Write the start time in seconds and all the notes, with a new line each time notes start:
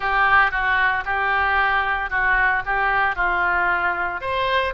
0.00 G4
0.51 F#4
1.05 G4
2.10 F#4
2.65 G4
3.15 F4
4.20 C5